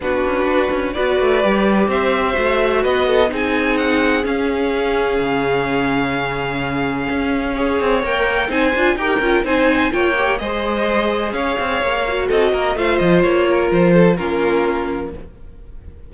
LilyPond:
<<
  \new Staff \with { instrumentName = "violin" } { \time 4/4 \tempo 4 = 127 b'2 d''2 | e''2 dis''4 gis''4 | fis''4 f''2.~ | f''1~ |
f''4 g''4 gis''4 g''4 | gis''4 g''4 dis''2 | f''2 dis''4 f''8 dis''8 | cis''4 c''4 ais'2 | }
  \new Staff \with { instrumentName = "violin" } { \time 4/4 fis'2 b'2 | c''2 b'8 a'8 gis'4~ | gis'1~ | gis'1 |
cis''2 c''4 ais'4 | c''4 cis''4 c''2 | cis''2 a'8 ais'8 c''4~ | c''8 ais'4 a'8 f'2 | }
  \new Staff \with { instrumentName = "viola" } { \time 4/4 d'2 fis'4 g'4~ | g'4 fis'2 dis'4~ | dis'4 cis'2.~ | cis'1 |
gis'4 ais'4 dis'8 f'8 g'8 f'8 | dis'4 f'8 g'8 gis'2~ | gis'4. fis'4. f'4~ | f'2 cis'2 | }
  \new Staff \with { instrumentName = "cello" } { \time 4/4 b8 cis'8 d'8 cis'8 b8 a8 g4 | c'4 a4 b4 c'4~ | c'4 cis'2 cis4~ | cis2. cis'4~ |
cis'8 c'8 ais4 c'8 d'8 dis'8 cis'8 | c'4 ais4 gis2 | cis'8 c'8 ais4 c'8 ais8 a8 f8 | ais4 f4 ais2 | }
>>